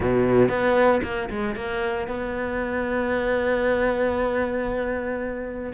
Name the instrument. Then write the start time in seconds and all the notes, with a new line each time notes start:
cello
0.00 B2
0.49 B3
1.03 A#3
1.30 G#3
1.55 A#3
2.07 B3